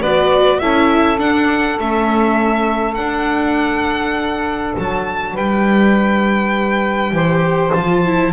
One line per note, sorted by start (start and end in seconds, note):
0.00 0.61 B3
0.00 0.62 F#4
0.00 0.59 B4
0.00 0.59 D5
0.59 1.20 C#4
0.59 1.19 E4
0.59 5.34 A4
0.59 1.19 E5
1.19 1.78 D4
1.19 1.79 D4
1.19 1.79 F#5
1.79 2.98 A3
1.79 2.97 C#4
1.79 2.95 E5
2.95 7.12 D4
2.95 4.76 D4
2.95 4.73 F#5
4.78 5.36 F#3
4.78 5.37 A5
5.34 7.12 G3
5.34 7.12 B4
5.34 7.73 G5
7.12 7.71 E3
7.12 7.72 G4
7.12 8.33 C5
7.73 8.33 F3
7.73 8.06 F4
7.73 8.32 A5
8.06 8.33 E4